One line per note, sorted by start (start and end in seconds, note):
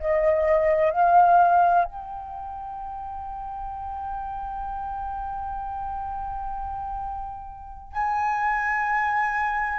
0.00 0.91 D#5
0.91 1.85 F5
1.85 7.93 G5
7.93 9.79 G#5